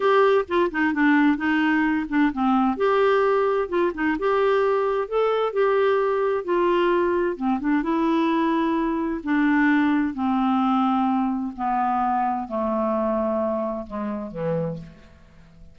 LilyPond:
\new Staff \with { instrumentName = "clarinet" } { \time 4/4 \tempo 4 = 130 g'4 f'8 dis'8 d'4 dis'4~ | dis'8 d'8 c'4 g'2 | f'8 dis'8 g'2 a'4 | g'2 f'2 |
c'8 d'8 e'2. | d'2 c'2~ | c'4 b2 a4~ | a2 gis4 e4 | }